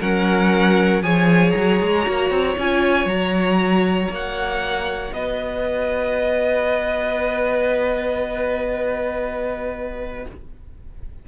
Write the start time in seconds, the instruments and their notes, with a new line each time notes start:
0.00 cello F#3, viola C#4, violin A#4 F#5
1.02 cello F3, viola G#4, violin C#5 G#5
1.51 cello F#3, violin A#5
1.81 cello G#3
2.03 cello A#3, viola F#4
2.30 cello C4
2.58 cello C#4, viola F4, violin G#5
3.06 cello F#3, viola F#4, violin A#5
4.10 cello A#3, violin F#5
5.13 cello B3, violin B4 D#5